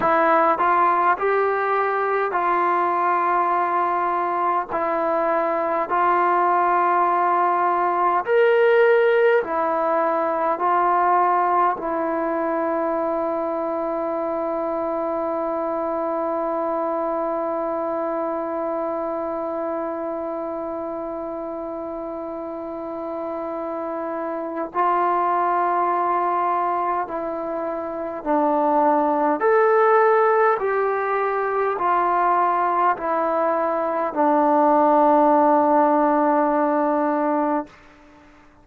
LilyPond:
\new Staff \with { instrumentName = "trombone" } { \time 4/4 \tempo 4 = 51 e'8 f'8 g'4 f'2 | e'4 f'2 ais'4 | e'4 f'4 e'2~ | e'1~ |
e'1~ | e'4 f'2 e'4 | d'4 a'4 g'4 f'4 | e'4 d'2. | }